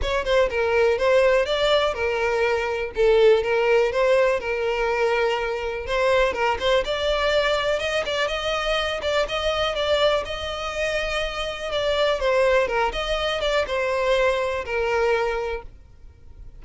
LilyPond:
\new Staff \with { instrumentName = "violin" } { \time 4/4 \tempo 4 = 123 cis''8 c''8 ais'4 c''4 d''4 | ais'2 a'4 ais'4 | c''4 ais'2. | c''4 ais'8 c''8 d''2 |
dis''8 d''8 dis''4. d''8 dis''4 | d''4 dis''2. | d''4 c''4 ais'8 dis''4 d''8 | c''2 ais'2 | }